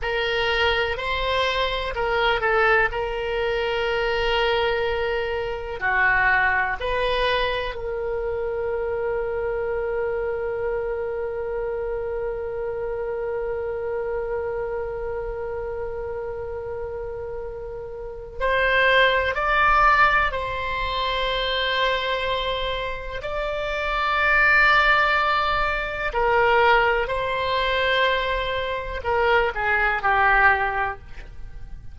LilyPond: \new Staff \with { instrumentName = "oboe" } { \time 4/4 \tempo 4 = 62 ais'4 c''4 ais'8 a'8 ais'4~ | ais'2 fis'4 b'4 | ais'1~ | ais'1~ |
ais'2. c''4 | d''4 c''2. | d''2. ais'4 | c''2 ais'8 gis'8 g'4 | }